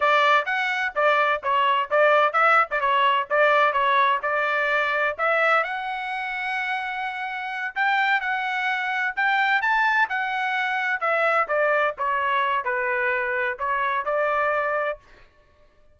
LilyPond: \new Staff \with { instrumentName = "trumpet" } { \time 4/4 \tempo 4 = 128 d''4 fis''4 d''4 cis''4 | d''4 e''8. d''16 cis''4 d''4 | cis''4 d''2 e''4 | fis''1~ |
fis''8 g''4 fis''2 g''8~ | g''8 a''4 fis''2 e''8~ | e''8 d''4 cis''4. b'4~ | b'4 cis''4 d''2 | }